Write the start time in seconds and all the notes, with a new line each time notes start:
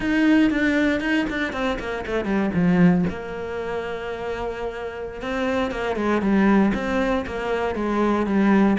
0.00 D#4
0.50 D4
1.00 D#4
1.29 D4
1.52 C4
1.79 A#3
2.06 A3
2.25 G3
2.54 F3
3.09 A#3
5.21 C4
5.71 A#3
5.96 G#3
6.21 G3
6.74 C4
7.26 A#3
7.75 G#3
8.26 G3